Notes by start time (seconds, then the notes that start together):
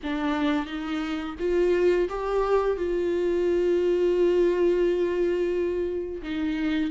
0.03 D4
0.66 D#4
1.39 F4
2.09 G4
2.76 F4
6.22 D#4